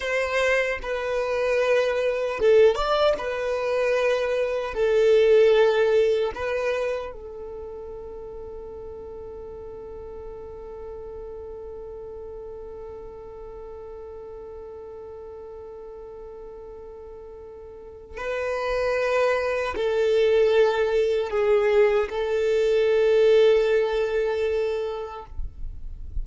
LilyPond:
\new Staff \with { instrumentName = "violin" } { \time 4/4 \tempo 4 = 76 c''4 b'2 a'8 d''8 | b'2 a'2 | b'4 a'2.~ | a'1~ |
a'1~ | a'2. b'4~ | b'4 a'2 gis'4 | a'1 | }